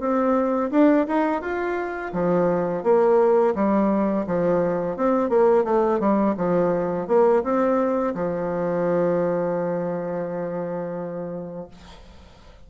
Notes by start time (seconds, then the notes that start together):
0.00 C4
0.72 D4
1.08 D#4
1.42 F4
2.13 F3
2.84 A#3
3.56 G3
4.27 F3
4.97 C4
5.30 A#3
5.65 A3
6.00 G3
6.37 F3
7.08 A#3
7.44 C4
8.15 F3